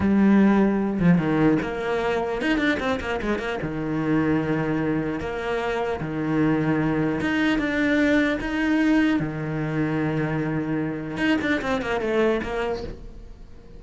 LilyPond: \new Staff \with { instrumentName = "cello" } { \time 4/4 \tempo 4 = 150 g2~ g8 f8 dis4 | ais2 dis'8 d'8 c'8 ais8 | gis8 ais8 dis2.~ | dis4 ais2 dis4~ |
dis2 dis'4 d'4~ | d'4 dis'2 dis4~ | dis1 | dis'8 d'8 c'8 ais8 a4 ais4 | }